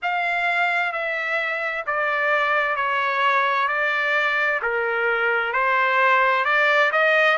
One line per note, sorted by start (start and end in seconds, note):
0.02 0.92 F5
0.92 1.85 E5
1.86 2.76 D5
2.76 3.68 C#5
3.68 4.60 D5
4.62 5.52 A#4
5.52 6.44 C5
6.44 6.91 D5
6.92 7.37 D#5